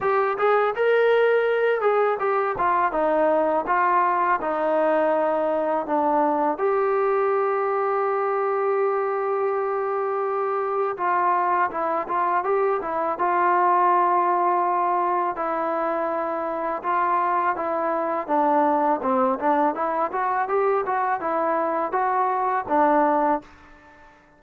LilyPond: \new Staff \with { instrumentName = "trombone" } { \time 4/4 \tempo 4 = 82 g'8 gis'8 ais'4. gis'8 g'8 f'8 | dis'4 f'4 dis'2 | d'4 g'2.~ | g'2. f'4 |
e'8 f'8 g'8 e'8 f'2~ | f'4 e'2 f'4 | e'4 d'4 c'8 d'8 e'8 fis'8 | g'8 fis'8 e'4 fis'4 d'4 | }